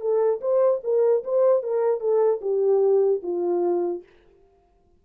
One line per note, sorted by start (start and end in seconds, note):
0.00 0.40 A4
0.41 0.81 C5
0.83 1.23 A#4
1.24 1.62 C5
1.62 2.00 A#4
2.00 2.40 A4
2.41 3.21 G4
3.23 4.03 F4